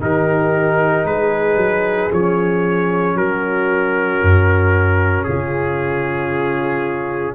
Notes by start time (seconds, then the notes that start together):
0.00 D#3 D#4 G4 A#4
1.04 G#3 G#4 B4
1.55 F#3
2.11 F3 C#4 C#5
3.14 F#3 F#4 A#4
4.22 F#2
5.23 C#3 F4 G#4